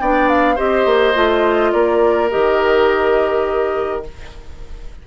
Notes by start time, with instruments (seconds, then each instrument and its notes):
0.00 bassoon B3, clarinet D4, oboe D5, flute G5
0.29 flute F5
0.56 bassoon C4, clarinet G4, oboe C5, flute D#5
0.86 bassoon A#3
1.14 bassoon A3, clarinet F4
1.72 bassoon A#3, oboe A#4, flute D5
2.30 bassoon D#3, clarinet G4, flute D#5